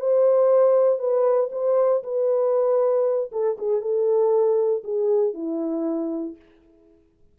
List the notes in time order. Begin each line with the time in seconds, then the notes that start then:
0.00 C5
0.99 B4
1.52 C5
2.04 B4
3.32 A4
3.58 G#4
3.82 A4
4.84 G#4
5.34 E4